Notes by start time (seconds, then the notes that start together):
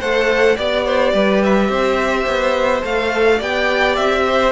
0.00 A3 A4 C5 F#5
0.56 B3 G4 D5
0.85 C5
1.14 G3 B4
1.43 E5
1.69 C4 C5
2.27 B3
2.82 A3 A4 F5
3.37 B3 G4 D5 G5
3.96 C4 E5
4.27 C5